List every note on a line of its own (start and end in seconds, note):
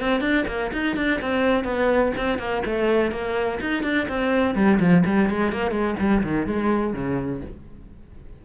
0.00 0.21 C4
0.21 0.45 D4
0.47 0.71 A#3
0.73 0.96 D#4
0.96 1.20 D4
1.21 1.64 C4
1.64 2.12 B3
2.17 2.38 C4
2.38 2.62 A#3
2.65 3.12 A3
3.12 3.60 A#3
3.60 3.83 D#4
3.83 4.07 D4
4.08 4.55 C4
4.55 4.79 G3
4.80 5.04 F3
5.06 5.30 G3
5.30 5.52 G#3
5.52 5.71 A#3
5.71 5.95 G#3
5.99 6.23 G3
6.24 6.46 D#3
6.46 6.93 G#3
6.93 7.41 C#3